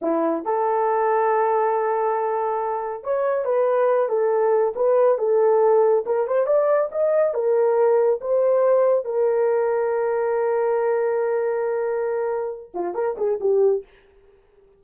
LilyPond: \new Staff \with { instrumentName = "horn" } { \time 4/4 \tempo 4 = 139 e'4 a'2.~ | a'2. cis''4 | b'4. a'4. b'4 | a'2 ais'8 c''8 d''4 |
dis''4 ais'2 c''4~ | c''4 ais'2.~ | ais'1~ | ais'4. f'8 ais'8 gis'8 g'4 | }